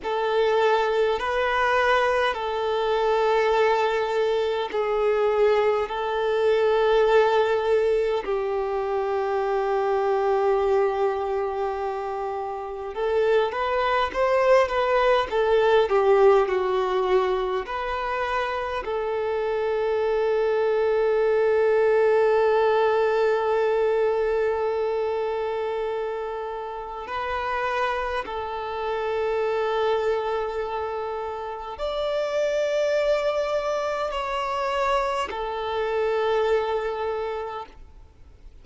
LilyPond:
\new Staff \with { instrumentName = "violin" } { \time 4/4 \tempo 4 = 51 a'4 b'4 a'2 | gis'4 a'2 g'4~ | g'2. a'8 b'8 | c''8 b'8 a'8 g'8 fis'4 b'4 |
a'1~ | a'2. b'4 | a'2. d''4~ | d''4 cis''4 a'2 | }